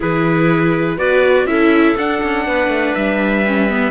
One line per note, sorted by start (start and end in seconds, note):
0.00 0.97 E3
0.00 0.98 E4
0.00 0.97 G#4
0.00 0.98 B4
0.97 1.45 B3
0.97 1.47 F#4
0.97 1.46 B4
0.97 1.46 D5
1.45 1.94 C#4
1.45 1.96 E4
1.45 2.45 A4
1.45 1.95 E5
1.97 2.21 D4
1.97 3.45 D4
1.97 2.95 F#5
2.23 2.47 C#4
2.45 2.67 B3
2.45 3.90 B4
2.67 2.92 A3
2.95 3.90 G3
2.95 3.90 E5
3.47 3.69 C#4
3.69 3.90 B3